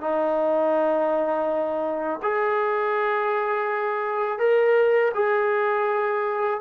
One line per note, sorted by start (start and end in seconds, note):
0.00 2.20 D#4
2.22 4.39 G#4
4.39 5.12 A#4
5.14 6.60 G#4